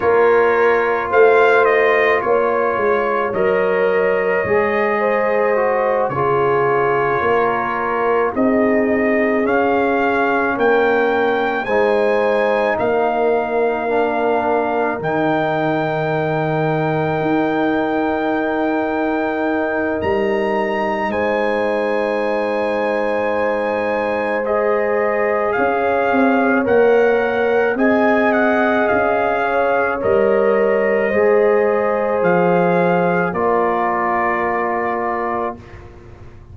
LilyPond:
<<
  \new Staff \with { instrumentName = "trumpet" } { \time 4/4 \tempo 4 = 54 cis''4 f''8 dis''8 cis''4 dis''4~ | dis''4. cis''2 dis''8~ | dis''8 f''4 g''4 gis''4 f''8~ | f''4. g''2~ g''8~ |
g''2 ais''4 gis''4~ | gis''2 dis''4 f''4 | fis''4 gis''8 fis''8 f''4 dis''4~ | dis''4 f''4 d''2 | }
  \new Staff \with { instrumentName = "horn" } { \time 4/4 ais'4 c''4 cis''2~ | cis''8 c''4 gis'4 ais'4 gis'8~ | gis'4. ais'4 c''4 ais'8~ | ais'1~ |
ais'2. c''4~ | c''2. cis''4~ | cis''4 dis''4. cis''4. | c''2 ais'2 | }
  \new Staff \with { instrumentName = "trombone" } { \time 4/4 f'2. ais'4 | gis'4 fis'8 f'2 dis'8~ | dis'8 cis'2 dis'4.~ | dis'8 d'4 dis'2~ dis'8~ |
dis'1~ | dis'2 gis'2 | ais'4 gis'2 ais'4 | gis'2 f'2 | }
  \new Staff \with { instrumentName = "tuba" } { \time 4/4 ais4 a4 ais8 gis8 fis4 | gis4. cis4 ais4 c'8~ | c'8 cis'4 ais4 gis4 ais8~ | ais4. dis2 dis'8~ |
dis'2 g4 gis4~ | gis2. cis'8 c'8 | ais4 c'4 cis'4 g4 | gis4 f4 ais2 | }
>>